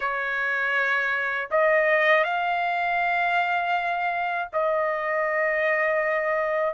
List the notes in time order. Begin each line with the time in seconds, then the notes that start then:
0.00 C#5
1.50 D#5
2.23 F5
4.52 D#5